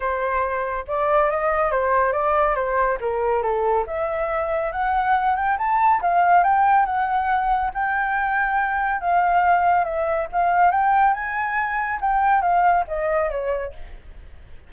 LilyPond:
\new Staff \with { instrumentName = "flute" } { \time 4/4 \tempo 4 = 140 c''2 d''4 dis''4 | c''4 d''4 c''4 ais'4 | a'4 e''2 fis''4~ | fis''8 g''8 a''4 f''4 g''4 |
fis''2 g''2~ | g''4 f''2 e''4 | f''4 g''4 gis''2 | g''4 f''4 dis''4 cis''4 | }